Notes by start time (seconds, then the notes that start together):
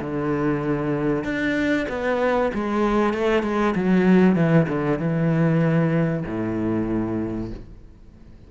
0.00 D3
1.24 D4
1.89 B3
2.54 G#3
3.13 A3
3.43 G#3
3.75 F#3
4.35 E3
4.68 D3
4.98 E3
6.26 A2